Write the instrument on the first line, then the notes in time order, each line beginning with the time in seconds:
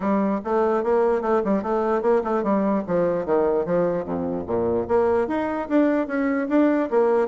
bassoon
0.00 G3
0.44 A3
0.83 A#3
1.21 A3
1.44 G3
1.63 A3
2.01 A#3
2.24 A3
2.43 G3
2.87 F3
3.25 D#3
3.65 F3
4.04 F2
4.46 A#2
4.88 A#3
5.27 D#4
5.68 D4
6.07 C#4
6.48 D4
6.90 A#3